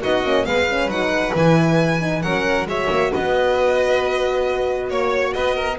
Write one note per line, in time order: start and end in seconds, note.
0.00 0.23 B3
0.00 0.23 D#4
0.00 0.44 F#4
0.00 0.45 D#5
0.23 0.45 A#3
0.23 0.45 C#4
0.45 0.87 G#3
0.45 0.67 B3
0.45 2.22 B4
0.45 0.89 F5
0.69 0.89 C#4
0.87 1.31 F#3
0.87 1.34 D#4
0.87 1.34 F#5
1.34 2.23 E3
1.34 1.99 E4
1.34 2.22 G#5
1.99 2.22 D#4
2.22 2.65 F#3
2.22 2.66 C#4
2.22 2.67 A#4
2.22 2.66 F#5
2.65 2.87 G#3
2.65 5.77 F#4
2.65 3.11 C#5
2.65 3.13 E5
2.90 3.12 A#3
3.11 4.90 B3
3.11 4.89 B4
3.11 4.90 D#5
4.89 5.34 A#3
4.89 5.33 C#5
5.33 5.79 B3
5.33 5.55 B4
5.33 5.77 D#5
5.55 5.77 A#4